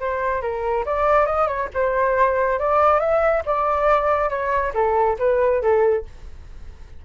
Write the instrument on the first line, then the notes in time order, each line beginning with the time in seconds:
flute
0.00 C5
0.42 A#4
0.86 D5
1.26 D#5
1.47 C#5
1.74 C5
2.59 D5
3.00 E5
3.46 D5
4.30 C#5
4.74 A4
5.19 B4
5.62 A4